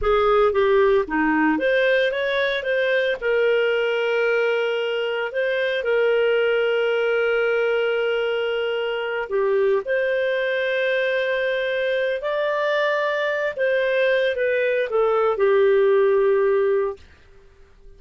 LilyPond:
\new Staff \with { instrumentName = "clarinet" } { \time 4/4 \tempo 4 = 113 gis'4 g'4 dis'4 c''4 | cis''4 c''4 ais'2~ | ais'2 c''4 ais'4~ | ais'1~ |
ais'4. g'4 c''4.~ | c''2. d''4~ | d''4. c''4. b'4 | a'4 g'2. | }